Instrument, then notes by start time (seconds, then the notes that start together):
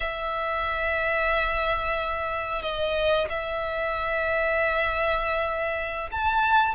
violin
0.00 E5
2.62 D#5
3.29 E5
6.11 A5